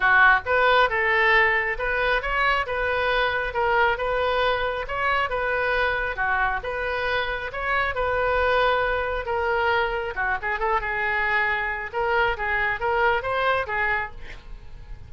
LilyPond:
\new Staff \with { instrumentName = "oboe" } { \time 4/4 \tempo 4 = 136 fis'4 b'4 a'2 | b'4 cis''4 b'2 | ais'4 b'2 cis''4 | b'2 fis'4 b'4~ |
b'4 cis''4 b'2~ | b'4 ais'2 fis'8 gis'8 | a'8 gis'2~ gis'8 ais'4 | gis'4 ais'4 c''4 gis'4 | }